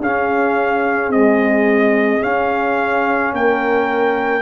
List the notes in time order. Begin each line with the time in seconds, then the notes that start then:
0.00 C#4 G#4 F5
1.10 G#3 C4 D#5
2.20 C#4 F5
3.33 A#3 A#4 G5